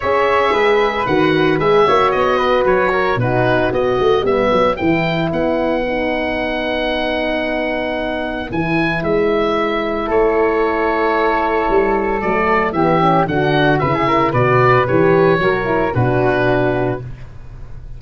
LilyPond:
<<
  \new Staff \with { instrumentName = "oboe" } { \time 4/4 \tempo 4 = 113 e''2 fis''4 e''4 | dis''4 cis''4 b'4 dis''4 | e''4 g''4 fis''2~ | fis''1 |
gis''4 e''2 cis''4~ | cis''2. d''4 | e''4 fis''4 e''4 d''4 | cis''2 b'2 | }
  \new Staff \with { instrumentName = "flute" } { \time 4/4 cis''4 b'2~ b'8 cis''8~ | cis''8 b'4 ais'8 fis'4 b'4~ | b'1~ | b'1~ |
b'2. a'4~ | a'1 | g'4 fis'4 b'16 gis'16 ais'8 b'4~ | b'4 ais'4 fis'2 | }
  \new Staff \with { instrumentName = "horn" } { \time 4/4 gis'2 fis'4 gis'8 fis'8~ | fis'2 dis'4 fis'4 | b4 e'2 dis'4~ | dis'1 |
e'1~ | e'2. a4 | b8 cis'8 d'4 e'4 fis'4 | g'4 fis'8 e'8 d'2 | }
  \new Staff \with { instrumentName = "tuba" } { \time 4/4 cis'4 gis4 dis4 gis8 ais8 | b4 fis4 b,4 b8 a8 | g8 fis8 e4 b2~ | b1 |
e4 gis2 a4~ | a2 g4 fis4 | e4 d4 cis4 b,4 | e4 fis4 b,2 | }
>>